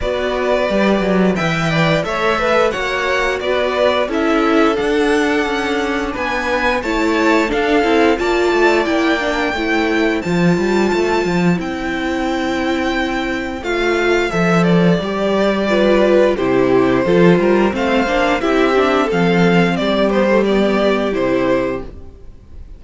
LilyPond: <<
  \new Staff \with { instrumentName = "violin" } { \time 4/4 \tempo 4 = 88 d''2 g''4 e''4 | fis''4 d''4 e''4 fis''4~ | fis''4 gis''4 a''4 f''4 | a''4 g''2 a''4~ |
a''4 g''2. | f''4 e''8 d''2~ d''8 | c''2 f''4 e''4 | f''4 d''8 c''8 d''4 c''4 | }
  \new Staff \with { instrumentName = "violin" } { \time 4/4 b'2 e''8 d''8 cis''8 b'8 | cis''4 b'4 a'2~ | a'4 b'4 cis''4 a'4 | d''2 c''2~ |
c''1~ | c''2. b'4 | g'4 a'8 ais'8 c''4 g'4 | a'4 g'2. | }
  \new Staff \with { instrumentName = "viola" } { \time 4/4 fis'4 g'4 b'4 a'4 | fis'2 e'4 d'4~ | d'2 e'4 d'8 e'8 | f'4 e'8 d'8 e'4 f'4~ |
f'4 e'2. | f'4 a'4 g'4 f'4 | e'4 f'4 c'8 d'8 e'8 d'8 | c'4. b16 a16 b4 e'4 | }
  \new Staff \with { instrumentName = "cello" } { \time 4/4 b4 g8 fis8 e4 a4 | ais4 b4 cis'4 d'4 | cis'4 b4 a4 d'8 c'8 | ais8 a8 ais4 a4 f8 g8 |
a8 f8 c'2. | a4 f4 g2 | c4 f8 g8 a8 ais8 c'4 | f4 g2 c4 | }
>>